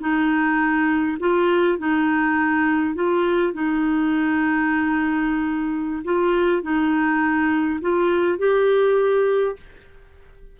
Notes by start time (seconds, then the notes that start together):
0.00 D#4
1.20 F4
1.78 D#4
2.95 F4
3.53 D#4
6.05 F4
6.62 D#4
7.81 F4
8.38 G4